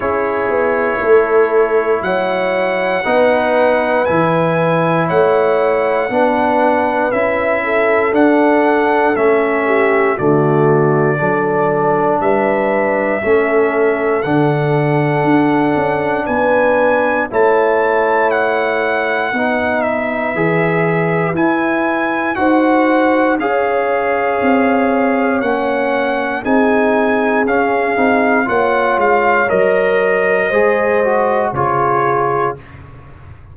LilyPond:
<<
  \new Staff \with { instrumentName = "trumpet" } { \time 4/4 \tempo 4 = 59 cis''2 fis''2 | gis''4 fis''2 e''4 | fis''4 e''4 d''2 | e''2 fis''2 |
gis''4 a''4 fis''4. e''8~ | e''4 gis''4 fis''4 f''4~ | f''4 fis''4 gis''4 f''4 | fis''8 f''8 dis''2 cis''4 | }
  \new Staff \with { instrumentName = "horn" } { \time 4/4 gis'4 a'4 cis''4 b'4~ | b'4 cis''4 b'4. a'8~ | a'4. g'8 fis'4 a'4 | b'4 a'2. |
b'4 cis''2 b'4~ | b'2 c''4 cis''4~ | cis''2 gis'2 | cis''2 c''4 gis'4 | }
  \new Staff \with { instrumentName = "trombone" } { \time 4/4 e'2. dis'4 | e'2 d'4 e'4 | d'4 cis'4 a4 d'4~ | d'4 cis'4 d'2~ |
d'4 e'2 dis'4 | gis'4 e'4 fis'4 gis'4~ | gis'4 cis'4 dis'4 cis'8 dis'8 | f'4 ais'4 gis'8 fis'8 f'4 | }
  \new Staff \with { instrumentName = "tuba" } { \time 4/4 cis'8 b8 a4 fis4 b4 | e4 a4 b4 cis'4 | d'4 a4 d4 fis4 | g4 a4 d4 d'8 cis'8 |
b4 a2 b4 | e4 e'4 dis'4 cis'4 | c'4 ais4 c'4 cis'8 c'8 | ais8 gis8 fis4 gis4 cis4 | }
>>